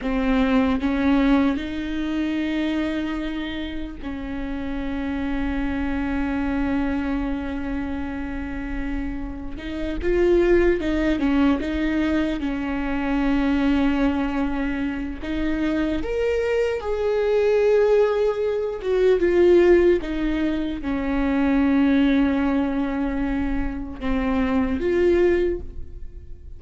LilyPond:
\new Staff \with { instrumentName = "viola" } { \time 4/4 \tempo 4 = 75 c'4 cis'4 dis'2~ | dis'4 cis'2.~ | cis'1 | dis'8 f'4 dis'8 cis'8 dis'4 cis'8~ |
cis'2. dis'4 | ais'4 gis'2~ gis'8 fis'8 | f'4 dis'4 cis'2~ | cis'2 c'4 f'4 | }